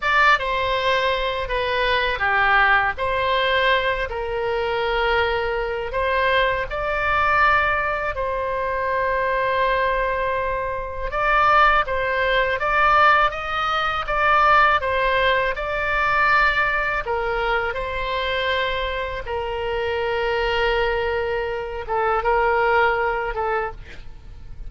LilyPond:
\new Staff \with { instrumentName = "oboe" } { \time 4/4 \tempo 4 = 81 d''8 c''4. b'4 g'4 | c''4. ais'2~ ais'8 | c''4 d''2 c''4~ | c''2. d''4 |
c''4 d''4 dis''4 d''4 | c''4 d''2 ais'4 | c''2 ais'2~ | ais'4. a'8 ais'4. a'8 | }